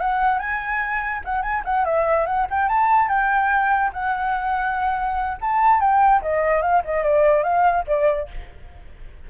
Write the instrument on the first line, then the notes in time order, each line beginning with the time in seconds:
flute
0.00 F#5
0.39 G#5
1.25 F#5
1.42 G#5
1.64 F#5
1.85 E5
2.26 F#5
2.50 G5
2.68 A5
3.08 G5
3.93 F#5
5.41 A5
5.80 G5
6.22 D#5
6.62 F5
6.85 D#5
7.03 D5
7.43 F5
7.87 D5